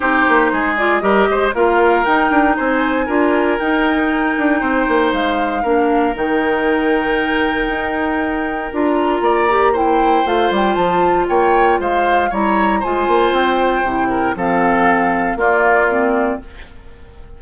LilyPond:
<<
  \new Staff \with { instrumentName = "flute" } { \time 4/4 \tempo 4 = 117 c''4. d''8 dis''4 f''4 | g''4 gis''2 g''4~ | g''2 f''2 | g''1~ |
g''4 ais''2 g''4 | f''8 g''8 a''4 g''4 f''4 | ais''4 gis''4 g''2 | f''2 d''2 | }
  \new Staff \with { instrumentName = "oboe" } { \time 4/4 g'4 gis'4 ais'8 c''8 ais'4~ | ais'4 c''4 ais'2~ | ais'4 c''2 ais'4~ | ais'1~ |
ais'2 d''4 c''4~ | c''2 cis''4 c''4 | cis''4 c''2~ c''8 ais'8 | a'2 f'2 | }
  \new Staff \with { instrumentName = "clarinet" } { \time 4/4 dis'4. f'8 g'4 f'4 | dis'2 f'4 dis'4~ | dis'2. d'4 | dis'1~ |
dis'4 f'4. g'8 e'4 | f'1 | e'4 f'2 e'4 | c'2 ais4 c'4 | }
  \new Staff \with { instrumentName = "bassoon" } { \time 4/4 c'8 ais8 gis4 g8 gis8 ais4 | dis'8 d'8 c'4 d'4 dis'4~ | dis'8 d'8 c'8 ais8 gis4 ais4 | dis2. dis'4~ |
dis'4 d'4 ais2 | a8 g8 f4 ais4 gis4 | g4 gis8 ais8 c'4 c4 | f2 ais2 | }
>>